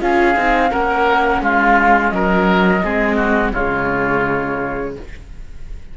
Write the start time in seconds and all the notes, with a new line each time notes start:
0.00 C#4 F4 G#4 F5
0.36 C4 D#4
0.69 A#3 C#4 A#4 F#5
1.41 G#3 F4 F5
2.09 F#3 A#4 D#5
2.83 G#3 C4 G#4
3.16 F#4
3.53 C#3 G#3 F4 C#5